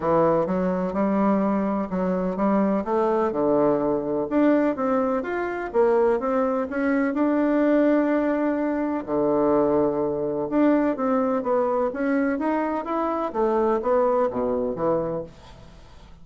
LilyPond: \new Staff \with { instrumentName = "bassoon" } { \time 4/4 \tempo 4 = 126 e4 fis4 g2 | fis4 g4 a4 d4~ | d4 d'4 c'4 f'4 | ais4 c'4 cis'4 d'4~ |
d'2. d4~ | d2 d'4 c'4 | b4 cis'4 dis'4 e'4 | a4 b4 b,4 e4 | }